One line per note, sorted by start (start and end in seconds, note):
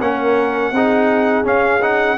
0.00 0.72 A#3
0.00 0.73 C#4
0.00 0.73 A#4
0.00 1.45 F#5
0.72 1.44 C4
0.72 1.44 D#4
0.72 2.18 G#4
1.44 1.80 C#4
1.44 2.18 C#4
1.44 1.82 F5
1.81 2.17 D#4
1.81 2.18 F#5